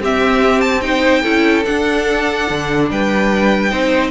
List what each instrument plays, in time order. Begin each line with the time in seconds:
0.00 cello C4, viola C4, violin G4 E5
0.61 violin A5
0.81 viola D#4, violin C5 G5
1.22 cello C#4, viola E4, violin A4
1.65 viola D4, cello D4, violin F#5
2.50 cello D3
2.90 cello G3, violin B4 G5
3.70 cello C4, viola D#4, violin C5